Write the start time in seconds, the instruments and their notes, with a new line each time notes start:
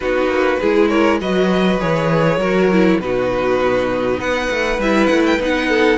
0.00 cello B3, viola D#4, violin F#4 B4
0.27 cello A#3
0.60 cello G#3, viola E4, violin G#4
0.88 violin A#4 C#5
1.20 cello F#3, viola F#4, violin B4 D#5
1.80 cello E3, viola G#4, violin C#5
2.37 cello F#3, viola F#4, violin A#4
2.71 viola E4
2.99 cello B2, viola D#4, violin F#4 B4
4.18 cello B3, violin B4 F#5
4.50 cello A3
4.78 cello G3, viola E4, violin E5
5.07 cello A3, violin F#5
5.26 violin G5
5.38 cello B3, viola D#4, violin F#5
5.69 violin A4